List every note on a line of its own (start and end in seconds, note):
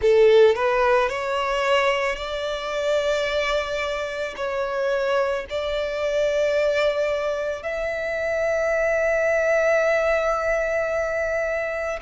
0.01 0.55 A4
0.55 1.09 B4
1.09 2.16 C#5
2.16 4.34 D5
4.36 5.45 C#5
5.49 7.63 D5
7.63 11.99 E5